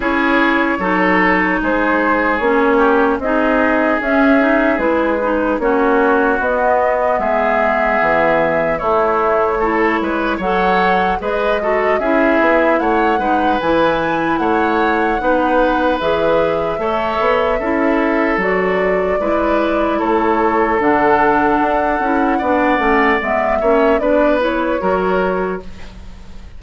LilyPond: <<
  \new Staff \with { instrumentName = "flute" } { \time 4/4 \tempo 4 = 75 cis''2 c''4 cis''4 | dis''4 e''4 b'4 cis''4 | dis''4 e''2 cis''4~ | cis''4 fis''4 dis''4 e''4 |
fis''4 gis''4 fis''2 | e''2. d''4~ | d''4 cis''4 fis''2~ | fis''4 e''4 d''8 cis''4. | }
  \new Staff \with { instrumentName = "oboe" } { \time 4/4 gis'4 a'4 gis'4. g'8 | gis'2. fis'4~ | fis'4 gis'2 e'4 | a'8 b'8 cis''4 b'8 a'8 gis'4 |
cis''8 b'4. cis''4 b'4~ | b'4 cis''4 a'2 | b'4 a'2. | d''4. cis''8 b'4 ais'4 | }
  \new Staff \with { instrumentName = "clarinet" } { \time 4/4 e'4 dis'2 cis'4 | dis'4 cis'8 dis'8 e'8 dis'8 cis'4 | b2. a4 | e'4 a'4 gis'8 fis'8 e'4~ |
e'8 dis'8 e'2 dis'4 | gis'4 a'4 e'4 fis'4 | e'2 d'4. e'8 | d'8 cis'8 b8 cis'8 d'8 e'8 fis'4 | }
  \new Staff \with { instrumentName = "bassoon" } { \time 4/4 cis'4 fis4 gis4 ais4 | c'4 cis'4 gis4 ais4 | b4 gis4 e4 a4~ | a8 gis8 fis4 gis4 cis'8 b8 |
a8 gis8 e4 a4 b4 | e4 a8 b8 cis'4 fis4 | gis4 a4 d4 d'8 cis'8 | b8 a8 gis8 ais8 b4 fis4 | }
>>